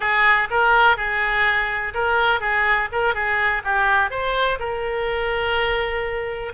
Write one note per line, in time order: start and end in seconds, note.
0.00 0.48 G#4
0.50 0.96 A#4
0.96 1.93 G#4
1.94 2.40 A#4
2.40 2.88 G#4
2.91 3.14 A#4
3.14 3.62 G#4
3.64 4.10 G4
4.10 4.58 C5
4.59 6.52 A#4